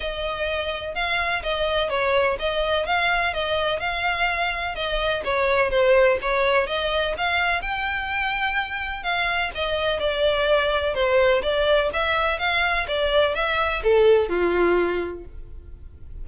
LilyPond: \new Staff \with { instrumentName = "violin" } { \time 4/4 \tempo 4 = 126 dis''2 f''4 dis''4 | cis''4 dis''4 f''4 dis''4 | f''2 dis''4 cis''4 | c''4 cis''4 dis''4 f''4 |
g''2. f''4 | dis''4 d''2 c''4 | d''4 e''4 f''4 d''4 | e''4 a'4 f'2 | }